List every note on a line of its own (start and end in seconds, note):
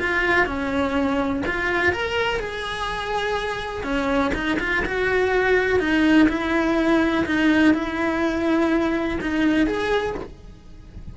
0.00 0.47 F4
0.47 1.43 C#4
1.46 1.93 F4
1.93 2.40 A#4
2.40 3.84 G#4
3.84 4.32 C#4
4.34 4.59 D#4
4.60 4.84 F4
4.85 5.80 F#4
5.80 6.28 D#4
6.29 7.26 E4
7.26 7.74 D#4
7.74 9.19 E4
9.21 9.67 D#4
9.67 10.15 G#4